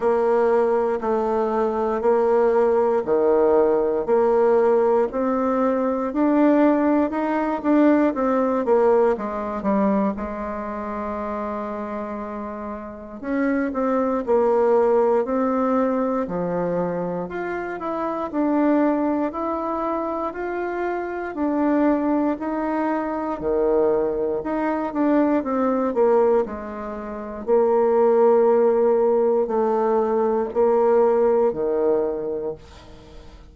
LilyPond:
\new Staff \with { instrumentName = "bassoon" } { \time 4/4 \tempo 4 = 59 ais4 a4 ais4 dis4 | ais4 c'4 d'4 dis'8 d'8 | c'8 ais8 gis8 g8 gis2~ | gis4 cis'8 c'8 ais4 c'4 |
f4 f'8 e'8 d'4 e'4 | f'4 d'4 dis'4 dis4 | dis'8 d'8 c'8 ais8 gis4 ais4~ | ais4 a4 ais4 dis4 | }